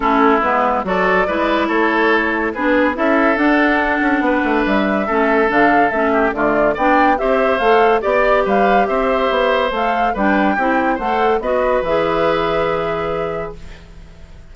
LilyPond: <<
  \new Staff \with { instrumentName = "flute" } { \time 4/4 \tempo 4 = 142 a'4 b'4 d''2 | cis''2 b'4 e''4 | fis''2. e''4~ | e''4 f''4 e''4 d''4 |
g''4 e''4 f''4 d''4 | f''4 e''2 f''4 | g''2 fis''4 dis''4 | e''1 | }
  \new Staff \with { instrumentName = "oboe" } { \time 4/4 e'2 a'4 b'4 | a'2 gis'4 a'4~ | a'2 b'2 | a'2~ a'8 g'8 f'4 |
d''4 c''2 d''4 | b'4 c''2. | b'4 g'4 c''4 b'4~ | b'1 | }
  \new Staff \with { instrumentName = "clarinet" } { \time 4/4 cis'4 b4 fis'4 e'4~ | e'2 d'4 e'4 | d'1 | cis'4 d'4 cis'4 a4 |
d'4 g'4 a'4 g'4~ | g'2. a'4 | d'4 e'4 a'4 fis'4 | gis'1 | }
  \new Staff \with { instrumentName = "bassoon" } { \time 4/4 a4 gis4 fis4 gis4 | a2 b4 cis'4 | d'4. cis'8 b8 a8 g4 | a4 d4 a4 d4 |
b4 c'4 a4 b4 | g4 c'4 b4 a4 | g4 c'4 a4 b4 | e1 | }
>>